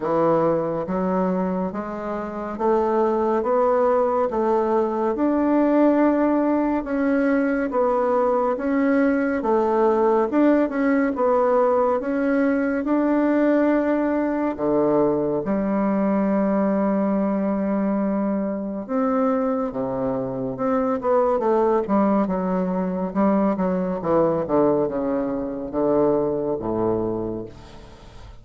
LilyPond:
\new Staff \with { instrumentName = "bassoon" } { \time 4/4 \tempo 4 = 70 e4 fis4 gis4 a4 | b4 a4 d'2 | cis'4 b4 cis'4 a4 | d'8 cis'8 b4 cis'4 d'4~ |
d'4 d4 g2~ | g2 c'4 c4 | c'8 b8 a8 g8 fis4 g8 fis8 | e8 d8 cis4 d4 a,4 | }